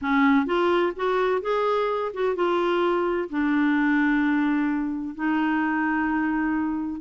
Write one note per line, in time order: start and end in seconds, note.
0.01 0.46 C#4
0.46 0.93 F4
0.95 1.41 F#4
1.41 2.12 G#4
2.13 2.35 F#4
2.35 3.29 F4
3.29 5.15 D4
5.15 7.01 D#4